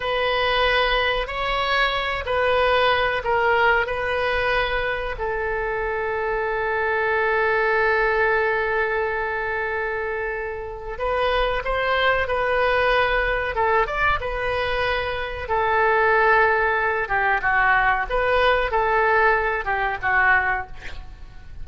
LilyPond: \new Staff \with { instrumentName = "oboe" } { \time 4/4 \tempo 4 = 93 b'2 cis''4. b'8~ | b'4 ais'4 b'2 | a'1~ | a'1~ |
a'4 b'4 c''4 b'4~ | b'4 a'8 d''8 b'2 | a'2~ a'8 g'8 fis'4 | b'4 a'4. g'8 fis'4 | }